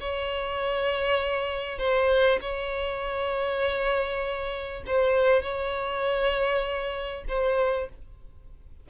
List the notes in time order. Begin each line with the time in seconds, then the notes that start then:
0.00 C#5
1.78 C5
2.40 C#5
4.87 C5
5.42 C#5
7.28 C5